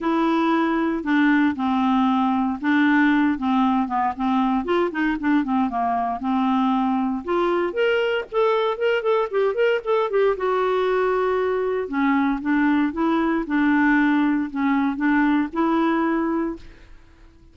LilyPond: \new Staff \with { instrumentName = "clarinet" } { \time 4/4 \tempo 4 = 116 e'2 d'4 c'4~ | c'4 d'4. c'4 b8 | c'4 f'8 dis'8 d'8 c'8 ais4 | c'2 f'4 ais'4 |
a'4 ais'8 a'8 g'8 ais'8 a'8 g'8 | fis'2. cis'4 | d'4 e'4 d'2 | cis'4 d'4 e'2 | }